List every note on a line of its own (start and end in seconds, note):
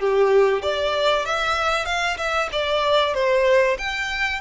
0.00 0.62 G4
0.62 1.25 D5
1.25 1.85 E5
1.85 2.17 F5
2.18 2.49 E5
2.52 3.14 D5
3.14 3.78 C5
3.78 4.41 G5